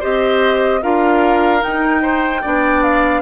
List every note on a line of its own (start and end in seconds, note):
0.00 0.83 C4
0.00 0.81 G4
0.00 0.80 C5
0.00 0.83 D#5
0.83 1.63 D4
0.83 1.60 F4
0.83 2.02 A#4
0.83 1.63 F5
1.60 2.40 D#4
1.60 2.44 D#4
1.60 2.83 G5
2.02 2.42 C5
2.42 3.22 B3
2.42 3.22 D4
2.42 3.22 D5
2.83 3.22 F5